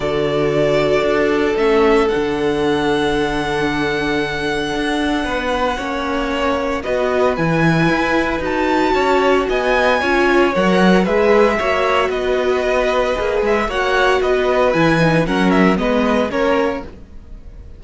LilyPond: <<
  \new Staff \with { instrumentName = "violin" } { \time 4/4 \tempo 4 = 114 d''2. e''4 | fis''1~ | fis''1~ | fis''4 dis''4 gis''2 |
a''2 gis''2 | fis''4 e''2 dis''4~ | dis''4. e''8 fis''4 dis''4 | gis''4 fis''8 e''8 dis''4 cis''4 | }
  \new Staff \with { instrumentName = "violin" } { \time 4/4 a'1~ | a'1~ | a'2 b'4 cis''4~ | cis''4 b'2.~ |
b'4 cis''4 dis''4 cis''4~ | cis''4 b'4 cis''4 b'4~ | b'2 cis''4 b'4~ | b'4 ais'4 b'4 ais'4 | }
  \new Staff \with { instrumentName = "viola" } { \time 4/4 fis'2. cis'4 | d'1~ | d'2. cis'4~ | cis'4 fis'4 e'2 |
fis'2. f'4 | ais'4 gis'4 fis'2~ | fis'4 gis'4 fis'2 | e'8 dis'8 cis'4 b4 cis'4 | }
  \new Staff \with { instrumentName = "cello" } { \time 4/4 d2 d'4 a4 | d1~ | d4 d'4 b4 ais4~ | ais4 b4 e4 e'4 |
dis'4 cis'4 b4 cis'4 | fis4 gis4 ais4 b4~ | b4 ais8 gis8 ais4 b4 | e4 fis4 gis4 ais4 | }
>>